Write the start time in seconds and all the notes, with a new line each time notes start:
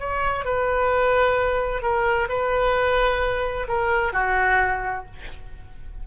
0.00 C#5
0.45 B4
1.82 A#4
2.29 B4
3.68 A#4
4.13 F#4